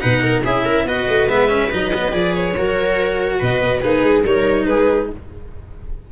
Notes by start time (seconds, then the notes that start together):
0.00 B2 D#4 B4 F#5
0.23 A#4
0.44 C#4 E4 G#4 E5
0.65 A#4
0.85 B3 F#4 B4 D#5
1.09 A3
1.28 G#3 B3 E5
1.49 C#4
1.71 F#3 D#4 D#5
1.94 B3
2.12 F3 G#4 D5
2.34 C#5
2.56 F#3 F#4 A#4
3.39 B2 B4 D#5
3.62 B3
3.80 A#3 D#4 G#4 B4
4.03 G#3
4.24 G3 D#4 A#4 C#5
4.66 G#3 G#4 B4